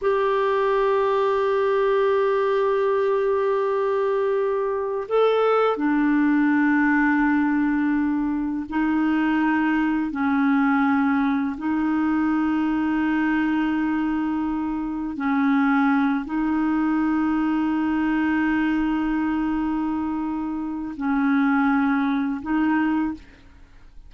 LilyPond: \new Staff \with { instrumentName = "clarinet" } { \time 4/4 \tempo 4 = 83 g'1~ | g'2. a'4 | d'1 | dis'2 cis'2 |
dis'1~ | dis'4 cis'4. dis'4.~ | dis'1~ | dis'4 cis'2 dis'4 | }